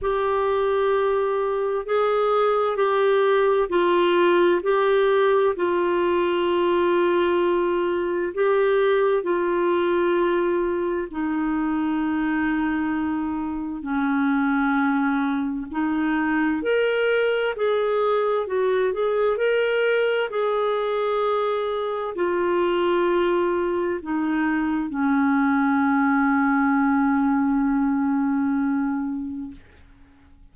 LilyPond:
\new Staff \with { instrumentName = "clarinet" } { \time 4/4 \tempo 4 = 65 g'2 gis'4 g'4 | f'4 g'4 f'2~ | f'4 g'4 f'2 | dis'2. cis'4~ |
cis'4 dis'4 ais'4 gis'4 | fis'8 gis'8 ais'4 gis'2 | f'2 dis'4 cis'4~ | cis'1 | }